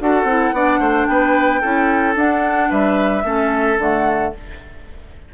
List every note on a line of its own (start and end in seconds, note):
0.00 0.24 D4
0.00 0.27 F#4
0.00 0.55 A4
0.00 1.06 F#5
0.24 0.51 C4
0.24 0.55 E4
0.52 0.80 B3
0.52 1.62 D4
0.52 0.80 D5
0.80 1.07 A3
0.80 1.07 C5
1.06 1.62 B3
1.06 1.61 B4
1.06 2.15 G5
1.61 2.16 C#4
1.61 2.15 E4
1.61 2.69 A4
2.15 3.23 D4
2.15 2.70 D4
2.15 2.71 F#5
2.70 3.24 G3
2.70 3.24 B4
2.70 3.79 E5
3.24 3.78 A3
3.24 3.78 C#4
3.24 4.33 A4
3.78 4.33 D3
3.78 4.34 A3
3.78 4.34 F#5